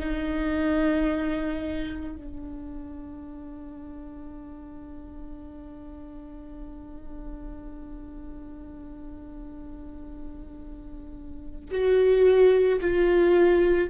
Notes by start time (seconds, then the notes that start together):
0.00 D#4
2.16 D4
11.71 F#4
12.81 F4